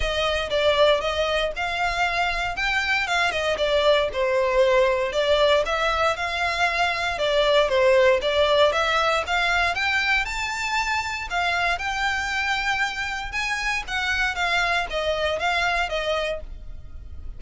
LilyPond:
\new Staff \with { instrumentName = "violin" } { \time 4/4 \tempo 4 = 117 dis''4 d''4 dis''4 f''4~ | f''4 g''4 f''8 dis''8 d''4 | c''2 d''4 e''4 | f''2 d''4 c''4 |
d''4 e''4 f''4 g''4 | a''2 f''4 g''4~ | g''2 gis''4 fis''4 | f''4 dis''4 f''4 dis''4 | }